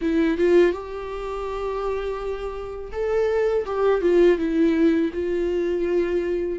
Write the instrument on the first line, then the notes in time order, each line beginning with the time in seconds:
viola
0.01 E4
0.37 F4
0.72 G4
2.92 A4
3.66 G4
4.01 F4
4.38 E4
5.13 F4